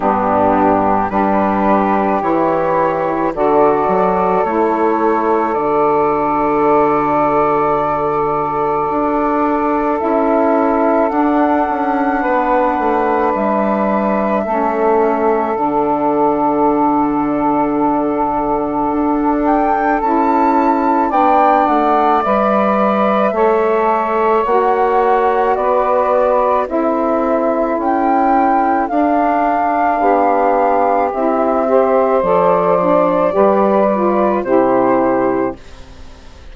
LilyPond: <<
  \new Staff \with { instrumentName = "flute" } { \time 4/4 \tempo 4 = 54 g'4 b'4 cis''4 d''4 | cis''4 d''2.~ | d''4 e''4 fis''2 | e''2 fis''2~ |
fis''4. g''8 a''4 g''8 fis''8 | e''2 fis''4 d''4 | e''4 g''4 f''2 | e''4 d''2 c''4 | }
  \new Staff \with { instrumentName = "saxophone" } { \time 4/4 d'4 g'2 a'4~ | a'1~ | a'2. b'4~ | b'4 a'2.~ |
a'2. d''4~ | d''4 cis''2 b'4 | a'2. g'4~ | g'8 c''4. b'4 g'4 | }
  \new Staff \with { instrumentName = "saxophone" } { \time 4/4 b4 d'4 e'4 fis'4 | e'4 fis'2.~ | fis'4 e'4 d'2~ | d'4 cis'4 d'2~ |
d'2 e'4 d'4 | b'4 a'4 fis'2 | e'2 d'2 | e'8 g'8 a'8 d'8 g'8 f'8 e'4 | }
  \new Staff \with { instrumentName = "bassoon" } { \time 4/4 g,4 g4 e4 d8 fis8 | a4 d2. | d'4 cis'4 d'8 cis'8 b8 a8 | g4 a4 d2~ |
d4 d'4 cis'4 b8 a8 | g4 a4 ais4 b4 | c'4 cis'4 d'4 b4 | c'4 f4 g4 c4 | }
>>